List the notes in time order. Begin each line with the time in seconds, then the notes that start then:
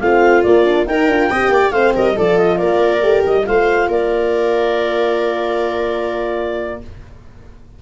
0.00 A3 C4 F4 F5
0.43 A#3 D5
0.65 D4
0.86 D#4 A#4 G5
1.07 D4 F4
1.31 C4 G4 D#5
1.49 A#3 D5
1.71 A3 C4 C5 F5
1.95 G3 A#4 D#5
2.16 F3 F4 A4 D5
2.38 D#5
2.57 A#3 A#4 D5
3.01 A3 G4
3.26 G3 D#5
3.46 A3 F4 C5 F5
3.88 A#3 A#4 D5